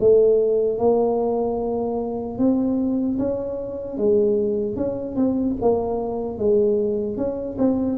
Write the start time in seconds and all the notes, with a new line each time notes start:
0.00 A3
0.79 A#3
2.39 C4
3.19 C#4
3.98 G#3
4.76 C#4
5.16 C4
5.62 A#3
6.39 G#3
7.17 C#4
7.59 C4